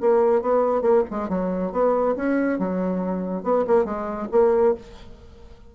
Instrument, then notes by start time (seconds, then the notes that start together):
bassoon
0.00 A#3
0.41 B3
0.81 A#3
1.10 G#3
1.28 F#3
1.71 B3
2.15 C#4
2.58 F#3
3.43 B3
3.67 A#3
3.84 G#3
4.31 A#3